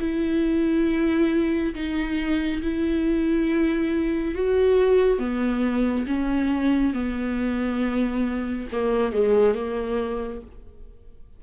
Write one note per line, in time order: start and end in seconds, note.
0.00 1.74 E4
1.75 2.62 D#4
2.62 4.35 E4
4.35 5.19 F#4
5.19 6.06 B3
6.07 6.94 C#4
6.94 8.68 B3
8.72 9.13 A#3
9.13 9.55 G#3
9.55 10.42 A#3